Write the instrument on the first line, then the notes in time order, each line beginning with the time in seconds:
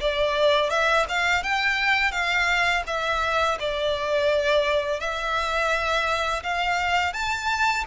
violin
0.00 D5
0.70 E5
1.08 F5
1.43 G5
2.11 F5
2.87 E5
3.59 D5
5.00 E5
6.43 F5
7.13 A5